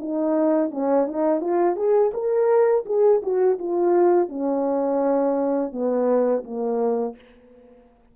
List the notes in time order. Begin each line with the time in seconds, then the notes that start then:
0.00 D#4
0.71 C#4
1.07 D#4
1.41 F4
1.76 G#4
2.14 A#4
2.86 G#4
3.23 F#4
3.59 F4
4.29 C#4
5.72 B3
6.44 A#3